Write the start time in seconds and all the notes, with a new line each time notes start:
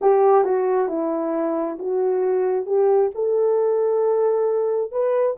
0.01 G4
0.44 F#4
0.88 E4
1.79 F#4
2.66 G4
3.15 A4
4.91 B4